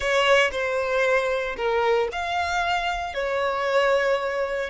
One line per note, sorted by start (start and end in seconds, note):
0.00 0.51 C#5
0.51 1.56 C5
1.56 2.08 A#4
2.11 3.14 F5
3.14 4.70 C#5